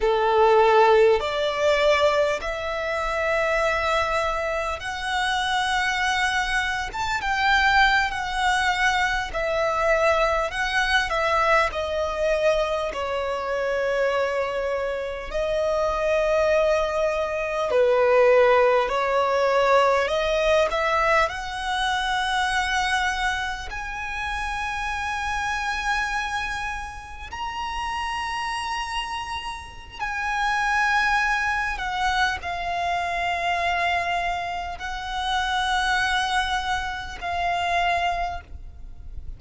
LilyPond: \new Staff \with { instrumentName = "violin" } { \time 4/4 \tempo 4 = 50 a'4 d''4 e''2 | fis''4.~ fis''16 a''16 g''8. fis''4 e''16~ | e''8. fis''8 e''8 dis''4 cis''4~ cis''16~ | cis''8. dis''2 b'4 cis''16~ |
cis''8. dis''8 e''8 fis''2 gis''16~ | gis''2~ gis''8. ais''4~ ais''16~ | ais''4 gis''4. fis''8 f''4~ | f''4 fis''2 f''4 | }